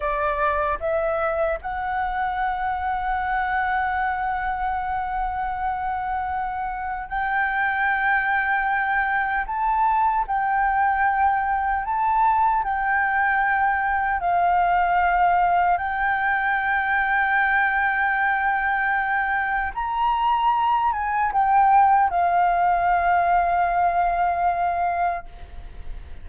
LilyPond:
\new Staff \with { instrumentName = "flute" } { \time 4/4 \tempo 4 = 76 d''4 e''4 fis''2~ | fis''1~ | fis''4 g''2. | a''4 g''2 a''4 |
g''2 f''2 | g''1~ | g''4 ais''4. gis''8 g''4 | f''1 | }